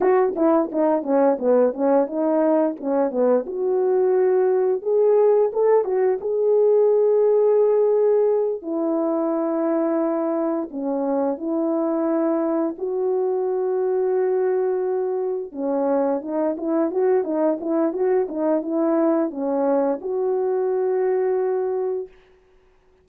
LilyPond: \new Staff \with { instrumentName = "horn" } { \time 4/4 \tempo 4 = 87 fis'8 e'8 dis'8 cis'8 b8 cis'8 dis'4 | cis'8 b8 fis'2 gis'4 | a'8 fis'8 gis'2.~ | gis'8 e'2. cis'8~ |
cis'8 e'2 fis'4.~ | fis'2~ fis'8 cis'4 dis'8 | e'8 fis'8 dis'8 e'8 fis'8 dis'8 e'4 | cis'4 fis'2. | }